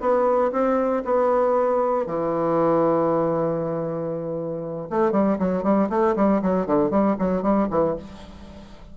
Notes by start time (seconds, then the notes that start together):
0.00 B3
0.52 C4
1.04 B3
2.06 E3
4.90 A3
5.11 G3
5.38 F#3
5.63 G3
5.89 A3
6.16 G3
6.42 F#3
6.66 D3
6.90 G3
7.18 F#3
7.42 G3
7.70 E3